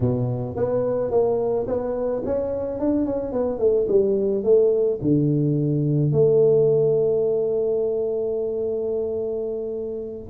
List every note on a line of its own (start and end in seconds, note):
0.00 0.56 B2
0.56 1.10 B3
1.10 1.66 A#3
1.67 2.22 B3
2.25 2.79 C#4
2.79 3.05 D4
3.05 3.32 C#4
3.32 3.58 B3
3.58 3.86 A3
3.88 4.43 G3
4.43 4.99 A3
5.01 6.12 D3
6.12 10.28 A3